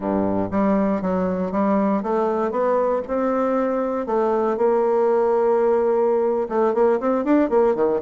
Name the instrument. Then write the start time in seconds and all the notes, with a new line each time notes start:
bassoon
0.00 G2
0.51 G3
1.01 F#3
1.51 G3
2.02 A3
2.51 B3
3.07 C4
4.06 A3
4.57 A#3
6.48 A3
6.74 A#3
7.00 C4
7.24 D4
7.49 A#3
7.75 D#3